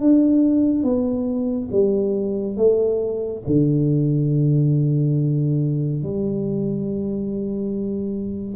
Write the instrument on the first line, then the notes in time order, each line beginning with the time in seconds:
tuba
0.00 D4
0.83 B3
1.72 G3
2.57 A3
3.46 D3
6.03 G3